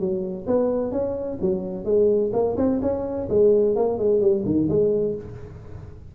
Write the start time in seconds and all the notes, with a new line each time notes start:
0.00 F#3
0.47 B3
0.92 C#4
1.42 F#3
1.85 G#3
2.33 A#3
2.58 C4
2.82 C#4
3.30 G#3
3.76 A#3
3.99 G#3
4.22 G3
4.46 D#3
4.69 G#3